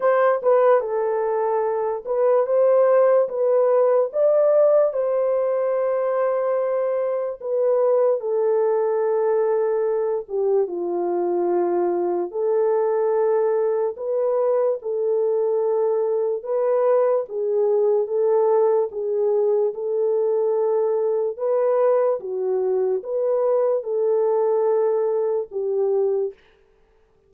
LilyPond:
\new Staff \with { instrumentName = "horn" } { \time 4/4 \tempo 4 = 73 c''8 b'8 a'4. b'8 c''4 | b'4 d''4 c''2~ | c''4 b'4 a'2~ | a'8 g'8 f'2 a'4~ |
a'4 b'4 a'2 | b'4 gis'4 a'4 gis'4 | a'2 b'4 fis'4 | b'4 a'2 g'4 | }